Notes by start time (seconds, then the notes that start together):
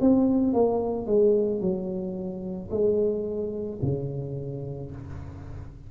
0.00 C4
0.53 A#3
1.06 G#3
1.60 F#3
2.70 G#3
3.81 C#3